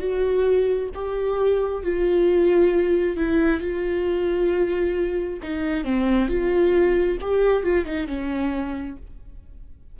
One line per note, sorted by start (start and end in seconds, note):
0.00 0.89 F#4
0.95 1.84 G4
1.84 3.17 F4
3.17 3.61 E4
3.61 5.40 F4
5.43 5.85 D#4
5.85 6.29 C4
6.29 7.18 F4
7.22 7.63 G4
7.63 7.86 F4
7.86 8.07 D#4
8.07 8.97 C#4